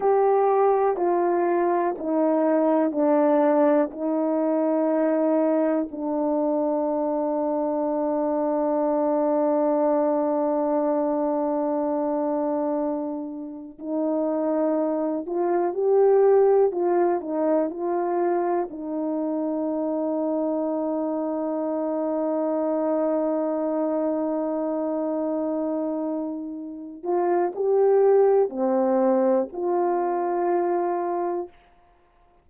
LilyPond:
\new Staff \with { instrumentName = "horn" } { \time 4/4 \tempo 4 = 61 g'4 f'4 dis'4 d'4 | dis'2 d'2~ | d'1~ | d'2 dis'4. f'8 |
g'4 f'8 dis'8 f'4 dis'4~ | dis'1~ | dis'2.~ dis'8 f'8 | g'4 c'4 f'2 | }